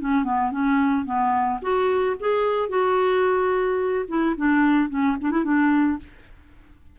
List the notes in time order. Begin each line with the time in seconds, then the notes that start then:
0.00 C#4
0.24 B3
0.52 C#4
1.05 B3
1.62 F#4
2.20 G#4
2.69 F#4
4.08 E4
4.37 D4
4.89 C#4
5.21 D4
5.31 E4
5.44 D4